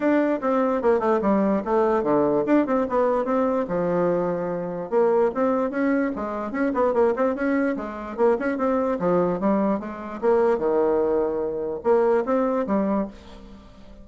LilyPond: \new Staff \with { instrumentName = "bassoon" } { \time 4/4 \tempo 4 = 147 d'4 c'4 ais8 a8 g4 | a4 d4 d'8 c'8 b4 | c'4 f2. | ais4 c'4 cis'4 gis4 |
cis'8 b8 ais8 c'8 cis'4 gis4 | ais8 cis'8 c'4 f4 g4 | gis4 ais4 dis2~ | dis4 ais4 c'4 g4 | }